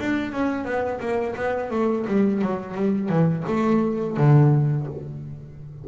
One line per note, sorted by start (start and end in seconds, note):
0.00 0.32 D4
0.32 0.65 C#4
0.65 1.00 B3
1.01 1.35 A#3
1.36 1.71 B3
1.71 2.05 A3
2.07 2.42 G3
2.42 2.75 F#3
2.75 3.09 G3
3.09 3.44 E3
3.47 4.17 A3
4.17 4.87 D3